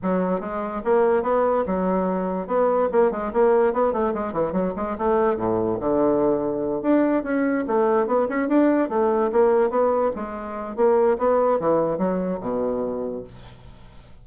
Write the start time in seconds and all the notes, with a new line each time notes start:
0.02 F#3
0.40 G#3
0.84 A#3
1.23 B3
1.66 F#3
2.47 B3
2.92 A#3
3.11 G#3
3.33 A#3
3.73 B3
3.93 A3
4.14 G#3
4.32 E3
4.52 F#3
4.76 G#3
4.98 A3
5.36 A2
5.79 D3
6.82 D4
7.23 C#4
7.67 A3
8.07 B3
8.28 C#4
8.48 D4
8.89 A3
9.31 A#3
9.69 B3
10.15 G#3
10.76 A#3
11.18 B3
11.59 E3
11.98 F#3
12.40 B2